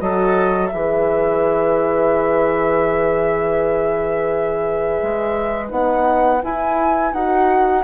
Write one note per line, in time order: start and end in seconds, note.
0.00 0.72 F#3
0.00 0.71 F#4
0.00 0.73 A4
0.00 0.67 D#5
0.67 5.02 E3
0.67 5.69 G#4
0.67 7.83 B4
0.67 5.67 E5
5.02 5.71 G#3
5.69 6.42 B3
5.69 6.40 D#4
5.69 6.42 F#5
6.43 7.14 E4
6.43 7.13 E4
6.43 7.13 G#5
7.13 7.83 D#4
7.13 7.83 F#4
7.13 7.83 F#5